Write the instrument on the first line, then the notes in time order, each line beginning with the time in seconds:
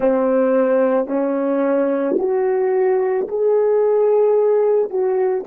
horn
0.00 C4
1.07 C#4
2.18 F#4
3.28 G#4
4.89 F#4